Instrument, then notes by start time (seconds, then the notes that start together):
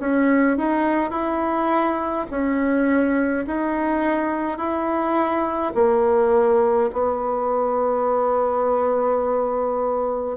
bassoon
0.00 C#4
0.58 D#4
1.11 E4
2.31 C#4
3.47 D#4
4.58 E4
5.75 A#3
6.93 B3